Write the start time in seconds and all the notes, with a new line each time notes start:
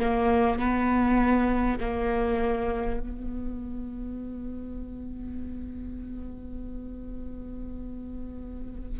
0.00 A#3
0.59 B3
1.80 A#3
3.01 B3